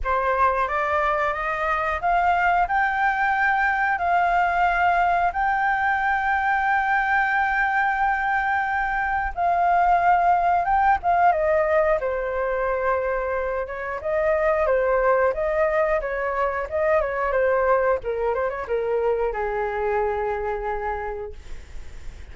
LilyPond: \new Staff \with { instrumentName = "flute" } { \time 4/4 \tempo 4 = 90 c''4 d''4 dis''4 f''4 | g''2 f''2 | g''1~ | g''2 f''2 |
g''8 f''8 dis''4 c''2~ | c''8 cis''8 dis''4 c''4 dis''4 | cis''4 dis''8 cis''8 c''4 ais'8 c''16 cis''16 | ais'4 gis'2. | }